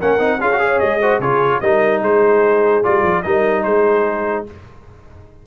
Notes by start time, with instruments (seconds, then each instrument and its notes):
0.00 tuba A#3, trombone C#4, horn A#4, trumpet F#5
0.19 tuba C4, trombone D#4
0.40 tuba C#4, trombone F4, horn G#4, trumpet F5
0.52 trombone F#4
0.59 trombone G#4, horn C#5
0.80 tuba G#3, trumpet D#5
1.01 trombone F#4, horn C5
1.19 tuba C#3, trombone F4, horn G#4, trumpet C#5
1.61 tuba G3, trombone D#4, horn A#4, trumpet D#5
2.02 tuba G#3, horn G#4, trumpet C5
2.84 tuba G3, trombone F4, trumpet D5
3.03 tuba F3
3.23 tuba G3, trombone D#4, horn A#4, trumpet D#5
3.64 tuba G#3, horn G#4, trumpet C5